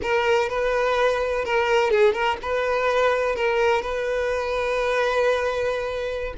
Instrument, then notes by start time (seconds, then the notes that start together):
violin
0.01 A#4
0.49 B4
1.44 A#4
1.90 G#4
2.13 A#4
2.42 B4
3.35 A#4
3.82 B4